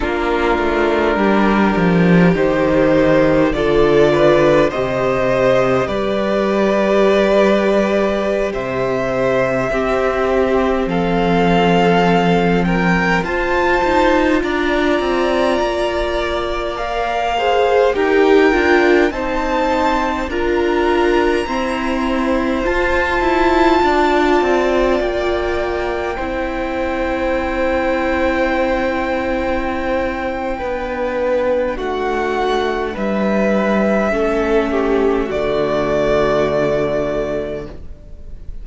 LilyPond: <<
  \new Staff \with { instrumentName = "violin" } { \time 4/4 \tempo 4 = 51 ais'2 c''4 d''4 | dis''4 d''2~ d''16 e''8.~ | e''4~ e''16 f''4. g''8 a''8.~ | a''16 ais''2 f''4 g''8.~ |
g''16 a''4 ais''2 a''8.~ | a''4~ a''16 g''2~ g''8.~ | g''2. fis''4 | e''2 d''2 | }
  \new Staff \with { instrumentName = "violin" } { \time 4/4 f'4 g'2 a'8 b'8 | c''4 b'2~ b'16 c''8.~ | c''16 g'4 a'4. ais'8 c''8.~ | c''16 d''2~ d''8 c''8 ais'8.~ |
ais'16 c''4 ais'4 c''4.~ c''16~ | c''16 d''2 c''4.~ c''16~ | c''2 b'4 fis'4 | b'4 a'8 g'8 fis'2 | }
  \new Staff \with { instrumentName = "viola" } { \time 4/4 d'2 dis'4 f'4 | g'1~ | g'16 c'2. f'8.~ | f'2~ f'16 ais'8 gis'8 g'8 f'16~ |
f'16 dis'4 f'4 c'4 f'8.~ | f'2~ f'16 e'4.~ e'16~ | e'2 d'2~ | d'4 cis'4 a2 | }
  \new Staff \with { instrumentName = "cello" } { \time 4/4 ais8 a8 g8 f8 dis4 d4 | c4 g2~ g16 c8.~ | c16 c'4 f2 f'8 dis'16~ | dis'16 d'8 c'8 ais2 dis'8 d'16~ |
d'16 c'4 d'4 e'4 f'8 e'16~ | e'16 d'8 c'8 ais4 c'4.~ c'16~ | c'2 b4 a4 | g4 a4 d2 | }
>>